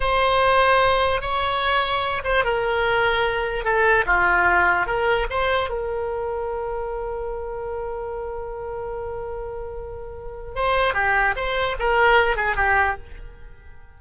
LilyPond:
\new Staff \with { instrumentName = "oboe" } { \time 4/4 \tempo 4 = 148 c''2. cis''4~ | cis''4. c''8 ais'2~ | ais'4 a'4 f'2 | ais'4 c''4 ais'2~ |
ais'1~ | ais'1~ | ais'2 c''4 g'4 | c''4 ais'4. gis'8 g'4 | }